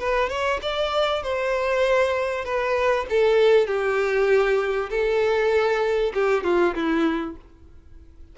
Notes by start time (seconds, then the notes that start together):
0.00 B4
0.30 C#5
0.63 D5
1.23 C5
2.45 B4
3.10 A4
3.67 G4
4.91 A4
6.15 G4
6.44 F4
6.75 E4